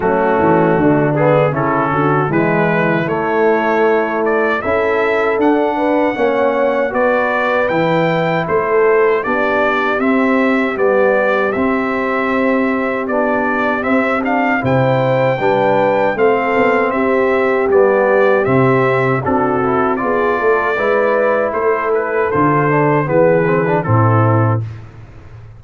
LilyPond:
<<
  \new Staff \with { instrumentName = "trumpet" } { \time 4/4 \tempo 4 = 78 fis'4. gis'8 a'4 b'4 | cis''4. d''8 e''4 fis''4~ | fis''4 d''4 g''4 c''4 | d''4 e''4 d''4 e''4~ |
e''4 d''4 e''8 f''8 g''4~ | g''4 f''4 e''4 d''4 | e''4 a'4 d''2 | c''8 b'8 c''4 b'4 a'4 | }
  \new Staff \with { instrumentName = "horn" } { \time 4/4 cis'4 d'4 e'8 fis'8 e'4~ | e'2 a'4. b'8 | cis''4 b'2 a'4 | g'1~ |
g'2. c''4 | b'4 a'4 g'2~ | g'4 fis'4 gis'8 a'8 b'4 | a'2 gis'4 e'4 | }
  \new Staff \with { instrumentName = "trombone" } { \time 4/4 a4. b8 cis'4 gis4 | a2 e'4 d'4 | cis'4 fis'4 e'2 | d'4 c'4 b4 c'4~ |
c'4 d'4 c'8 d'8 e'4 | d'4 c'2 b4 | c'4 d'8 e'8 f'4 e'4~ | e'4 f'8 d'8 b8 c'16 d'16 c'4 | }
  \new Staff \with { instrumentName = "tuba" } { \time 4/4 fis8 e8 d4 cis8 d8 e4 | a2 cis'4 d'4 | ais4 b4 e4 a4 | b4 c'4 g4 c'4~ |
c'4 b4 c'4 c4 | g4 a8 b8 c'4 g4 | c4 c'4 b8 a8 gis4 | a4 d4 e4 a,4 | }
>>